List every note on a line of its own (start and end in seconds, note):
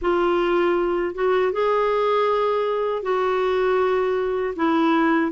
0.01 1.15 F4
1.15 1.52 F#4
1.52 3.02 G#4
3.02 4.54 F#4
4.56 5.31 E4